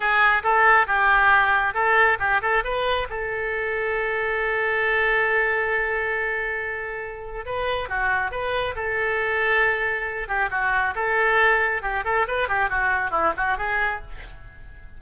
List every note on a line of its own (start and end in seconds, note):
0.00 0.43 G#4
0.43 0.86 A4
0.86 1.74 G4
1.74 2.18 A4
2.19 2.41 G4
2.41 2.63 A4
2.63 3.07 B4
3.09 7.45 A4
7.45 7.88 B4
7.88 8.31 F#4
8.31 8.75 B4
8.75 10.27 A4
10.27 10.49 G4
10.50 10.94 F#4
10.95 11.82 A4
11.82 12.04 G4
12.04 12.26 A4
12.27 12.48 B4
12.48 12.69 G4
12.69 13.10 F#4
13.10 13.32 E4
13.36 13.57 F#4
13.57 14.01 G#4